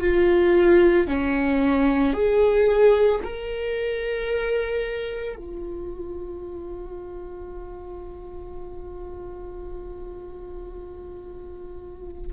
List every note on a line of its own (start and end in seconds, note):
0.00 1.07 F4
1.08 2.13 C#4
2.13 3.20 G#4
3.23 5.36 A#4
5.36 12.32 F4